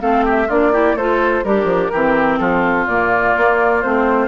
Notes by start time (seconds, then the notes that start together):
0.00 A3 C4 A4 F5
0.25 G4 E5
0.48 A#3 D4 F4 D5
0.73 E4 G4
0.95 A3 F4 A4 C5
1.44 G3 D4 G4 A#4
1.64 F3
1.92 E3 C4 G4
2.39 F3 F4 A4
2.87 A#2 A#3 D5
3.37 A#3
3.82 A3 C4 C5